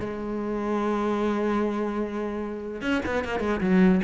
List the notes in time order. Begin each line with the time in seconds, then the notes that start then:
0.00 G#3
2.81 C#4
3.06 B3
3.24 A#3
3.40 G#3
3.61 F#3